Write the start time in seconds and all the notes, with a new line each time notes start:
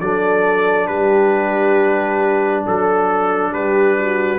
0.00 F#3 D4 A4 D5
0.87 G3 G4 B4
2.65 F#3 A4
3.51 G3 G4 B4
3.98 F#4